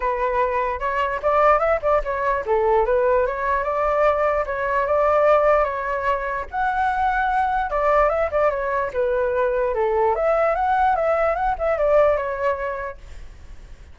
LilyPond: \new Staff \with { instrumentName = "flute" } { \time 4/4 \tempo 4 = 148 b'2 cis''4 d''4 | e''8 d''8 cis''4 a'4 b'4 | cis''4 d''2 cis''4 | d''2 cis''2 |
fis''2. d''4 | e''8 d''8 cis''4 b'2 | a'4 e''4 fis''4 e''4 | fis''8 e''8 d''4 cis''2 | }